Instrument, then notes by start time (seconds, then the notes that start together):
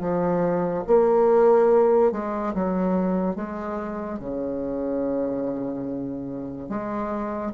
bassoon
0.00 F3
0.87 A#3
2.11 G#3
2.54 F#3
3.35 G#3
4.19 C#3
6.69 G#3